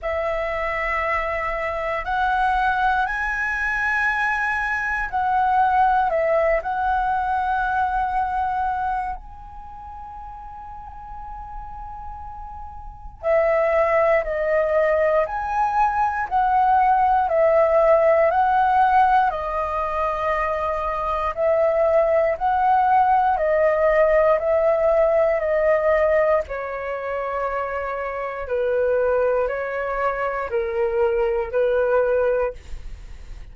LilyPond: \new Staff \with { instrumentName = "flute" } { \time 4/4 \tempo 4 = 59 e''2 fis''4 gis''4~ | gis''4 fis''4 e''8 fis''4.~ | fis''4 gis''2.~ | gis''4 e''4 dis''4 gis''4 |
fis''4 e''4 fis''4 dis''4~ | dis''4 e''4 fis''4 dis''4 | e''4 dis''4 cis''2 | b'4 cis''4 ais'4 b'4 | }